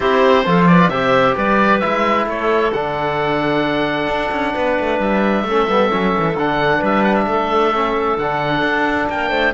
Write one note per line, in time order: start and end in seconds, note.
0.00 0.46 C4
0.00 0.44 E4
0.00 0.44 G4
0.00 0.65 C5
0.46 0.88 F3
0.46 0.91 F4
0.46 0.69 A4
0.66 0.90 B4
0.66 0.89 D5
0.88 1.34 C3
0.88 1.81 G4
0.88 1.36 C5
0.88 1.34 E5
1.36 1.82 G3
1.36 2.27 B4
1.36 1.79 D5
1.79 2.25 G#3
1.79 2.72 E4
1.79 2.25 E5
2.25 2.71 A3
2.25 4.53 A4
2.25 2.72 C#5
2.72 4.07 D3
2.72 5.47 D4
2.72 4.99 F#5
4.07 4.30 D4
4.31 4.54 C#4
4.53 4.78 B3
4.53 5.44 B4
4.79 4.99 A3
4.99 5.44 G3
4.99 6.37 E5
5.44 5.66 A3
5.44 5.68 C#4
5.44 6.77 A4
5.68 5.91 G3
5.68 5.88 B3
5.88 6.16 F#3
5.88 6.34 C#4
6.18 6.35 E3
6.35 6.81 D3
6.35 7.73 D4
6.35 6.83 F#5
6.77 7.26 G3
6.77 7.23 B4
6.84 7.03 E5
7.03 7.15 F#5
7.15 8.17 E5
7.26 8.17 A3
7.26 9.10 A4
7.73 8.18 C#4
8.18 8.62 D3
8.18 9.54 D4
8.18 9.09 F#5
8.62 9.07 D4
9.09 9.30 A#3
9.09 9.29 A#4
9.09 9.54 G5
9.29 9.52 A3
9.29 9.52 C5